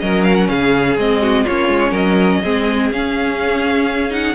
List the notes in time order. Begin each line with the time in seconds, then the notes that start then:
0.00 F#3 C#4 A#4 D#5
0.24 F5
0.36 F#5
0.49 C#3 G#4 F5
0.97 G#3 C4 D#5
1.22 F#4
1.44 A#3 C#4 F4 C#5
1.69 G#3
1.91 F#3 A#4 D#5
2.44 G#3 C4 G#4
2.91 C#4 F5
4.11 D#4 F#5